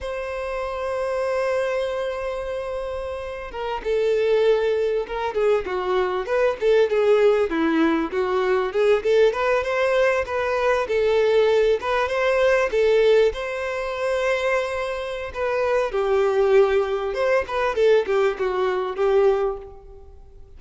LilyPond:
\new Staff \with { instrumentName = "violin" } { \time 4/4 \tempo 4 = 98 c''1~ | c''4.~ c''16 ais'8 a'4.~ a'16~ | a'16 ais'8 gis'8 fis'4 b'8 a'8 gis'8.~ | gis'16 e'4 fis'4 gis'8 a'8 b'8 c''16~ |
c''8. b'4 a'4. b'8 c''16~ | c''8. a'4 c''2~ c''16~ | c''4 b'4 g'2 | c''8 b'8 a'8 g'8 fis'4 g'4 | }